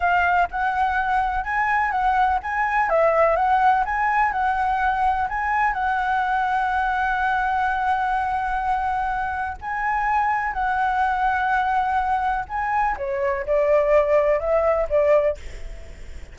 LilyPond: \new Staff \with { instrumentName = "flute" } { \time 4/4 \tempo 4 = 125 f''4 fis''2 gis''4 | fis''4 gis''4 e''4 fis''4 | gis''4 fis''2 gis''4 | fis''1~ |
fis''1 | gis''2 fis''2~ | fis''2 gis''4 cis''4 | d''2 e''4 d''4 | }